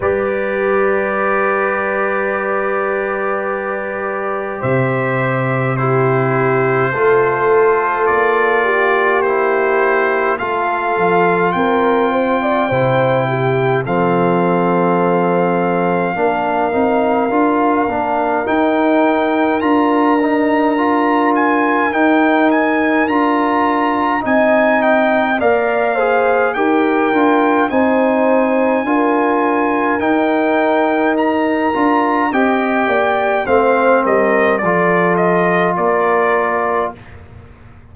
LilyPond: <<
  \new Staff \with { instrumentName = "trumpet" } { \time 4/4 \tempo 4 = 52 d''1 | e''4 c''2 d''4 | c''4 f''4 g''2 | f''1 |
g''4 ais''4. gis''8 g''8 gis''8 | ais''4 gis''8 g''8 f''4 g''4 | gis''2 g''4 ais''4 | g''4 f''8 dis''8 d''8 dis''8 d''4 | }
  \new Staff \with { instrumentName = "horn" } { \time 4/4 b'1 | c''4 g'4 a'4. g'8~ | g'4 a'4 ais'8 c''16 d''16 c''8 g'8 | a'2 ais'2~ |
ais'1~ | ais'4 dis''4 d''8 c''8 ais'4 | c''4 ais'2. | dis''8 d''8 c''8 ais'8 a'4 ais'4 | }
  \new Staff \with { instrumentName = "trombone" } { \time 4/4 g'1~ | g'4 e'4 f'2 | e'4 f'2 e'4 | c'2 d'8 dis'8 f'8 d'8 |
dis'4 f'8 dis'8 f'4 dis'4 | f'4 dis'4 ais'8 gis'8 g'8 f'8 | dis'4 f'4 dis'4. f'8 | g'4 c'4 f'2 | }
  \new Staff \with { instrumentName = "tuba" } { \time 4/4 g1 | c2 a4 ais4~ | ais4 a8 f8 c'4 c4 | f2 ais8 c'8 d'8 ais8 |
dis'4 d'2 dis'4 | d'4 c'4 ais4 dis'8 d'8 | c'4 d'4 dis'4. d'8 | c'8 ais8 a8 g8 f4 ais4 | }
>>